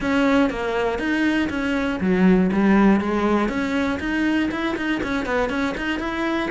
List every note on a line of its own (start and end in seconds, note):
0.00 0.50 C#4
0.50 0.99 A#3
0.99 1.49 D#4
1.49 1.99 C#4
2.00 2.50 F#3
2.52 3.00 G3
3.00 3.48 G#3
3.48 3.98 C#4
3.99 4.49 D#4
4.51 4.76 E4
4.76 5.01 D#4
5.03 5.25 C#4
5.25 5.49 B3
5.49 5.74 C#4
5.77 5.99 D#4
5.99 6.49 E4